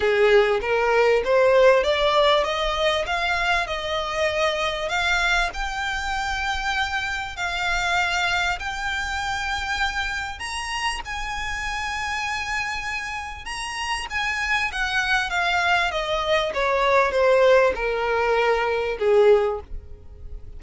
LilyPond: \new Staff \with { instrumentName = "violin" } { \time 4/4 \tempo 4 = 98 gis'4 ais'4 c''4 d''4 | dis''4 f''4 dis''2 | f''4 g''2. | f''2 g''2~ |
g''4 ais''4 gis''2~ | gis''2 ais''4 gis''4 | fis''4 f''4 dis''4 cis''4 | c''4 ais'2 gis'4 | }